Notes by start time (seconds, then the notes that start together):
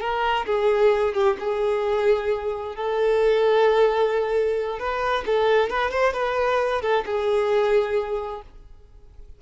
0.00 A#4
0.46 G#4
1.14 G4
1.39 G#4
2.75 A4
4.79 B4
5.26 A4
5.69 B4
5.90 C5
6.13 B4
6.81 A4
7.05 G#4